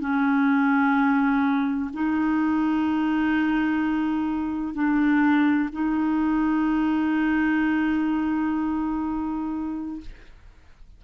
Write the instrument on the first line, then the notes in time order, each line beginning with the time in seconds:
clarinet
0.00 C#4
1.94 D#4
4.74 D4
5.72 D#4